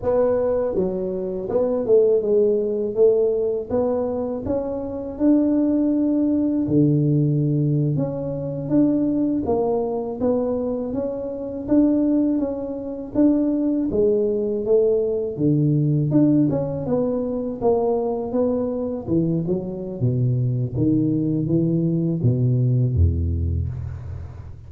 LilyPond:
\new Staff \with { instrumentName = "tuba" } { \time 4/4 \tempo 4 = 81 b4 fis4 b8 a8 gis4 | a4 b4 cis'4 d'4~ | d'4 d4.~ d16 cis'4 d'16~ | d'8. ais4 b4 cis'4 d'16~ |
d'8. cis'4 d'4 gis4 a16~ | a8. d4 d'8 cis'8 b4 ais16~ | ais8. b4 e8 fis8. b,4 | dis4 e4 b,4 e,4 | }